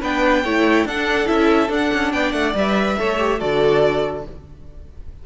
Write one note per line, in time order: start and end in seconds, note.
0.00 0.44 B3
0.00 0.44 D4
0.00 0.42 B4
0.00 0.87 G5
0.44 0.85 A3
0.44 0.88 E4
0.44 0.86 C#5
0.85 1.27 D4
0.85 1.25 D4
0.85 2.12 A4
0.85 1.27 F#5
1.25 1.69 C#4
1.25 1.67 E4
1.25 1.70 E5
1.69 1.90 D4
1.69 2.54 D4
1.69 2.12 F#5
1.94 2.13 C#4
2.12 2.33 B3
2.12 2.97 D5
2.12 2.32 G5
2.32 2.54 A3
2.32 2.53 F#5
2.54 2.97 G3
2.54 2.97 B4
2.54 3.40 E5
2.97 3.41 A3
2.97 3.18 A4
2.97 3.39 C#5
3.18 3.39 G4
3.39 4.26 D3
3.39 4.23 F#4
3.39 4.24 A4
3.39 4.24 D5